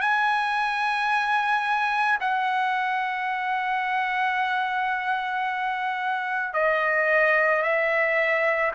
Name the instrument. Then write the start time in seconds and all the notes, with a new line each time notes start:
trumpet
0.00 G#5
2.20 F#5
6.54 D#5
7.62 E5